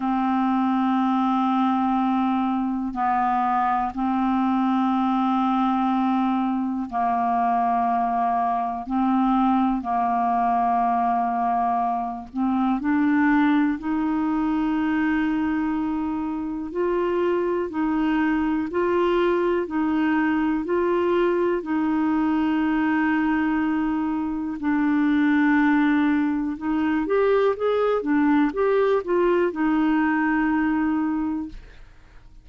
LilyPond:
\new Staff \with { instrumentName = "clarinet" } { \time 4/4 \tempo 4 = 61 c'2. b4 | c'2. ais4~ | ais4 c'4 ais2~ | ais8 c'8 d'4 dis'2~ |
dis'4 f'4 dis'4 f'4 | dis'4 f'4 dis'2~ | dis'4 d'2 dis'8 g'8 | gis'8 d'8 g'8 f'8 dis'2 | }